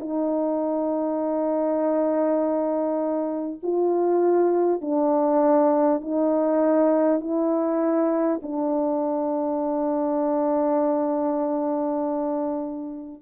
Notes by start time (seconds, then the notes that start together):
0.00 D#4
3.63 F4
4.81 D4
6.02 D#4
7.21 E4
8.43 D4